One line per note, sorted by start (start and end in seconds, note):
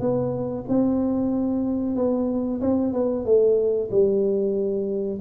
0.00 0.65 B3
0.69 1.96 C4
1.96 2.61 B3
2.61 2.94 C4
2.94 3.26 B3
3.26 3.90 A3
3.91 5.20 G3